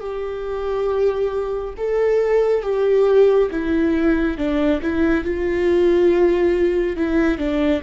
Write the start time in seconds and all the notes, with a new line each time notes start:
0.00 G4
1.77 A4
2.63 G4
3.51 E4
4.38 D4
4.82 E4
5.25 F4
6.97 E4
7.38 D4